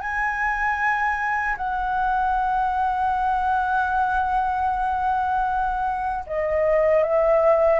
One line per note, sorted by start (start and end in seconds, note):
0.00 1.56 G#5
1.57 6.24 F#5
6.27 7.03 D#5
7.03 7.80 E5